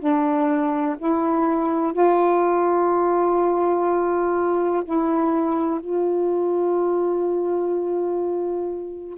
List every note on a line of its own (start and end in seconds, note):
0.00 0.97 D4
0.99 1.94 E4
1.94 4.84 F4
4.85 5.81 E4
5.81 9.18 F4